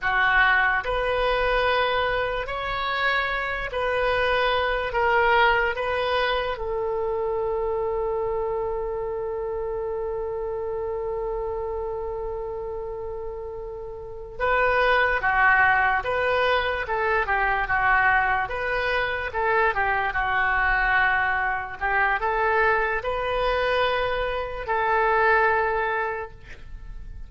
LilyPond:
\new Staff \with { instrumentName = "oboe" } { \time 4/4 \tempo 4 = 73 fis'4 b'2 cis''4~ | cis''8 b'4. ais'4 b'4 | a'1~ | a'1~ |
a'4. b'4 fis'4 b'8~ | b'8 a'8 g'8 fis'4 b'4 a'8 | g'8 fis'2 g'8 a'4 | b'2 a'2 | }